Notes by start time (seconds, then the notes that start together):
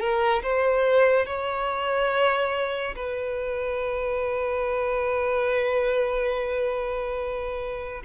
0.00 A#4
0.43 C5
1.26 C#5
2.96 B4